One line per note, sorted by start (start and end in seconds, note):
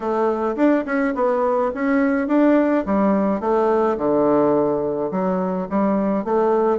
0.00 0.55 A3
0.56 0.84 D4
0.85 1.13 C#4
1.14 1.71 B3
1.74 2.27 C#4
2.27 2.84 D4
2.85 3.40 G3
3.40 3.96 A3
3.97 5.10 D3
5.11 5.67 F#3
5.69 6.24 G3
6.24 6.79 A3